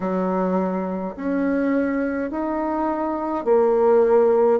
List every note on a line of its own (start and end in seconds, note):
0.00 1.15 F#3
1.15 2.31 C#4
2.31 3.44 D#4
3.44 4.59 A#3